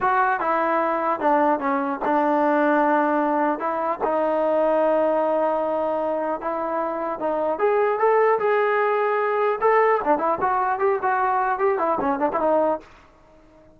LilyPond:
\new Staff \with { instrumentName = "trombone" } { \time 4/4 \tempo 4 = 150 fis'4 e'2 d'4 | cis'4 d'2.~ | d'4 e'4 dis'2~ | dis'1 |
e'2 dis'4 gis'4 | a'4 gis'2. | a'4 d'8 e'8 fis'4 g'8 fis'8~ | fis'4 g'8 e'8 cis'8 d'16 e'16 dis'4 | }